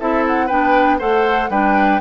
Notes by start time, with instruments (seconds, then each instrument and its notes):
0.00 bassoon C4, clarinet E4, oboe A4, flute E5
0.27 flute F#5
0.47 bassoon B3, clarinet D4, oboe B4, flute G5
0.99 bassoon A3, clarinet A4, oboe C5, flute F#5
1.50 bassoon G3, clarinet D4, oboe B4, flute G5